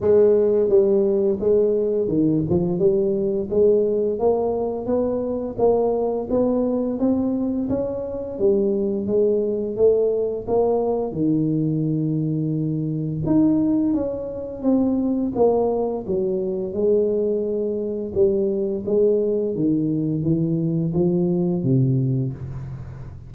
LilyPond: \new Staff \with { instrumentName = "tuba" } { \time 4/4 \tempo 4 = 86 gis4 g4 gis4 dis8 f8 | g4 gis4 ais4 b4 | ais4 b4 c'4 cis'4 | g4 gis4 a4 ais4 |
dis2. dis'4 | cis'4 c'4 ais4 fis4 | gis2 g4 gis4 | dis4 e4 f4 c4 | }